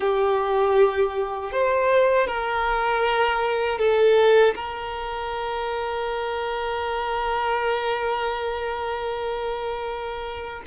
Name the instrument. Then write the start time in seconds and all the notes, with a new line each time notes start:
violin
0.00 G4
1.52 C5
2.27 A#4
3.78 A4
4.55 A#4